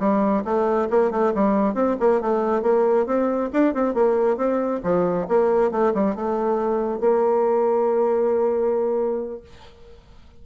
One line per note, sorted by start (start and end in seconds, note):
0.00 0.44 G3
0.45 0.89 A3
0.91 1.12 A#3
1.12 1.34 A3
1.35 1.75 G3
1.75 1.97 C4
2.00 2.22 A#3
2.22 2.63 A3
2.63 3.07 A#3
3.07 3.51 C4
3.53 3.75 D4
3.75 3.95 C4
3.95 4.37 A#3
4.37 4.81 C4
4.84 5.28 F3
5.29 5.72 A#3
5.72 5.94 A3
5.95 6.16 G3
6.16 7.01 A3
7.01 9.41 A#3